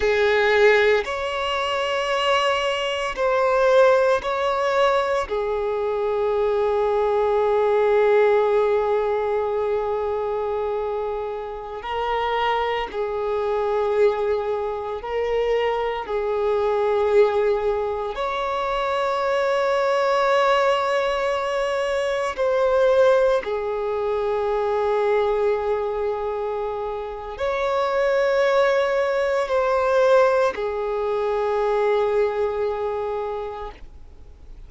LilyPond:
\new Staff \with { instrumentName = "violin" } { \time 4/4 \tempo 4 = 57 gis'4 cis''2 c''4 | cis''4 gis'2.~ | gis'2.~ gis'16 ais'8.~ | ais'16 gis'2 ais'4 gis'8.~ |
gis'4~ gis'16 cis''2~ cis''8.~ | cis''4~ cis''16 c''4 gis'4.~ gis'16~ | gis'2 cis''2 | c''4 gis'2. | }